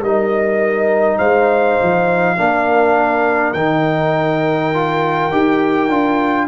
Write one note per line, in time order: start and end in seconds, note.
0.00 1.18 G3
0.00 2.37 D#4
0.00 1.18 A#4
0.00 1.18 D#5
1.18 1.78 G#3
1.18 2.36 C5
1.18 3.53 F5
1.82 2.38 F3
2.37 3.54 A#3
2.37 3.55 D4
2.37 6.48 A#4
3.53 5.30 D#3
3.53 4.74 D#4
3.53 6.47 G5
4.74 5.32 F4
5.32 5.89 D#4
5.32 5.90 G4
5.89 6.48 D4
5.89 6.48 F4